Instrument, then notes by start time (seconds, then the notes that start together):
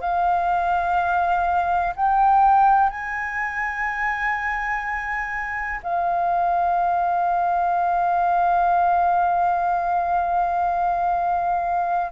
flute
0.00 F5
1.96 G5
2.89 G#5
5.82 F5